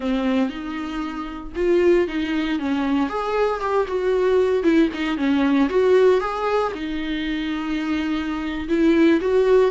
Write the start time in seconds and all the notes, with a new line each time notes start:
0.00 C4
0.49 D#4
1.55 F4
2.07 D#4
2.59 C#4
3.09 G#4
3.60 G4
3.87 F#4
4.63 E4
4.93 D#4
5.17 C#4
5.69 F#4
6.20 G#4
6.74 D#4
8.68 E4
9.20 F#4